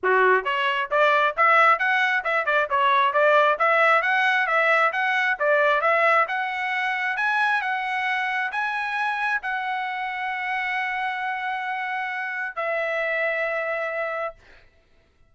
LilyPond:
\new Staff \with { instrumentName = "trumpet" } { \time 4/4 \tempo 4 = 134 fis'4 cis''4 d''4 e''4 | fis''4 e''8 d''8 cis''4 d''4 | e''4 fis''4 e''4 fis''4 | d''4 e''4 fis''2 |
gis''4 fis''2 gis''4~ | gis''4 fis''2.~ | fis''1 | e''1 | }